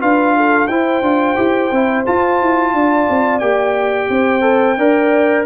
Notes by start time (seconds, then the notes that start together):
0.00 D4 F4 B4 F5
0.37 A4
0.67 E4 C5 G5
1.02 D4 F4
1.37 E4 G4
1.72 C4 E4
2.07 F4 A5
2.42 E4
2.74 D4 D5
3.10 C4
3.40 A#3 G4 G5
4.10 C4 C5
4.41 A4
4.78 D4 A#4 D5